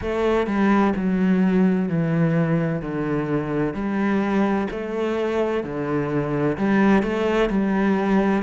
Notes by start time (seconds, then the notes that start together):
0.01 A3
0.46 G3
0.95 F#3
1.88 E3
2.81 D3
3.74 G3
4.70 A3
5.63 D3
6.57 G3
7.02 A3
7.49 G3